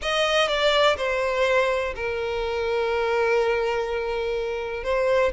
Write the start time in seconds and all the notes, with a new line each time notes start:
0.02 D#5
0.48 D5
0.97 C5
1.95 A#4
4.83 C5